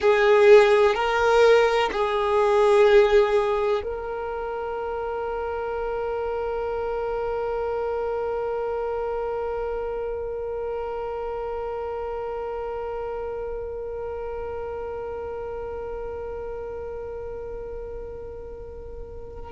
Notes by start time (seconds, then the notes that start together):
0.00 G#4
0.94 A#4
1.91 G#4
3.83 A#4